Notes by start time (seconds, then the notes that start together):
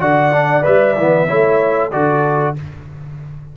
0.00 D3 F#4 D5 F#5
0.32 D4
0.62 G3 B4 E5
0.97 E3 B3
1.27 A3 E4 C#5
1.91 D3 F#4 A4 D5